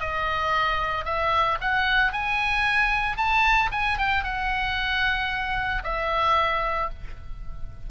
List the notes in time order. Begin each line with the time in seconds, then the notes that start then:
0.00 D#5
1.05 E5
1.61 F#5
2.12 G#5
3.17 A5
3.72 G#5
3.98 G5
4.24 F#5
5.84 E5